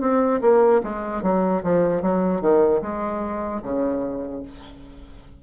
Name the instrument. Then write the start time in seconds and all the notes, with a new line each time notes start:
bassoon
0.00 C4
0.41 A#3
0.83 G#3
1.22 F#3
1.63 F3
2.02 F#3
2.41 D#3
2.81 G#3
3.62 C#3